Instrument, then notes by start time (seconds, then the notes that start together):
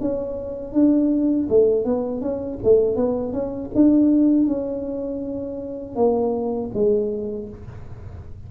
tuba
0.00 C#4
0.72 D4
1.49 A3
1.84 B3
2.21 C#4
2.63 A3
2.96 B3
3.32 C#4
3.74 D4
4.46 C#4
5.95 A#3
6.73 G#3